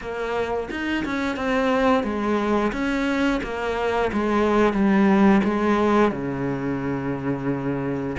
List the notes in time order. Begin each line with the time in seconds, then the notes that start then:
0.01 A#3
0.70 D#4
1.05 C#4
1.36 C4
2.03 G#3
2.72 C#4
3.43 A#3
4.12 G#3
4.73 G3
5.44 G#3
6.11 C#3